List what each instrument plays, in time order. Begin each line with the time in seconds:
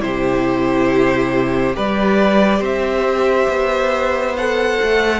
0.00 cello C3, viola E4, violin G4 C5
1.73 cello G3, viola G4, violin B4 D5
2.59 cello C4, violin C5 E5
3.48 cello B3
4.36 viola A4, violin F#5
4.83 cello A3